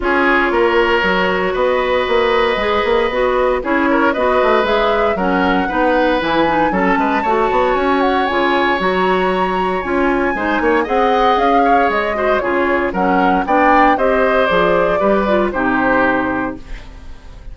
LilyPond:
<<
  \new Staff \with { instrumentName = "flute" } { \time 4/4 \tempo 4 = 116 cis''2. dis''4~ | dis''2. cis''4 | dis''4 e''4 fis''2 | gis''4 a''2 gis''8 fis''8 |
gis''4 ais''2 gis''4~ | gis''4 fis''4 f''4 dis''4 | cis''4 fis''4 g''4 dis''4 | d''2 c''2 | }
  \new Staff \with { instrumentName = "oboe" } { \time 4/4 gis'4 ais'2 b'4~ | b'2. gis'8 ais'8 | b'2 ais'4 b'4~ | b'4 a'8 b'8 cis''2~ |
cis''1 | c''8 cis''8 dis''4. cis''4 c''8 | gis'4 ais'4 d''4 c''4~ | c''4 b'4 g'2 | }
  \new Staff \with { instrumentName = "clarinet" } { \time 4/4 f'2 fis'2~ | fis'4 gis'4 fis'4 e'4 | fis'4 gis'4 cis'4 dis'4 | e'8 dis'8 cis'4 fis'2 |
f'4 fis'2 f'4 | dis'4 gis'2~ gis'8 fis'8 | f'4 cis'4 d'4 g'4 | gis'4 g'8 f'8 dis'2 | }
  \new Staff \with { instrumentName = "bassoon" } { \time 4/4 cis'4 ais4 fis4 b4 | ais4 gis8 ais8 b4 cis'4 | b8 a8 gis4 fis4 b4 | e4 fis8 gis8 a8 b8 cis'4 |
cis4 fis2 cis'4 | gis8 ais8 c'4 cis'4 gis4 | cis4 fis4 b4 c'4 | f4 g4 c2 | }
>>